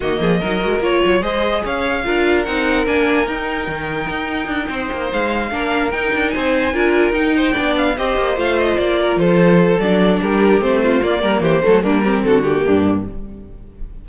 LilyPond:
<<
  \new Staff \with { instrumentName = "violin" } { \time 4/4 \tempo 4 = 147 dis''2 cis''4 dis''4 | f''2 fis''4 gis''4 | g''1~ | g''8 f''2 g''4 gis''8~ |
gis''4. g''4. f''8 dis''8~ | dis''8 f''8 dis''8 d''4 c''4. | d''4 ais'4 c''4 d''4 | c''4 ais'4 a'8 g'4. | }
  \new Staff \with { instrumentName = "violin" } { \time 4/4 fis'8 gis'8 ais'4. cis''8 c''4 | cis''4 ais'2.~ | ais'2.~ ais'8 c''8~ | c''4. ais'2 c''8~ |
c''8 ais'4. c''8 d''4 c''8~ | c''2 ais'8 a'4.~ | a'4 g'4. f'4 ais'8 | g'8 a'8 d'8 g'8 fis'4 d'4 | }
  \new Staff \with { instrumentName = "viola" } { \time 4/4 ais4 dis'8 fis'8 f'4 gis'4~ | gis'4 f'4 dis'4 d'4 | dis'1~ | dis'4. d'4 dis'4.~ |
dis'8 f'4 dis'4 d'4 g'8~ | g'8 f'2.~ f'8 | d'2 c'4 ais4~ | ais8 a8 ais8 c'4 ais4. | }
  \new Staff \with { instrumentName = "cello" } { \time 4/4 dis8 f8 fis8 gis8 ais8 fis8 gis4 | cis'4 d'4 c'4 ais4 | dis'4 dis4 dis'4 d'8 c'8 | ais8 gis4 ais4 dis'8 d'8 c'8~ |
c'8 d'4 dis'4 b4 c'8 | ais8 a4 ais4 f4. | fis4 g4 a4 ais8 g8 | e8 fis8 g4 d4 g,4 | }
>>